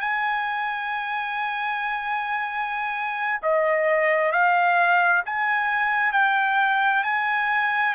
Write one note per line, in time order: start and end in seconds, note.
0.00 3.41 G#5
3.42 4.32 D#5
4.32 5.23 F5
5.26 6.12 G#5
6.12 7.03 G5
7.03 7.94 G#5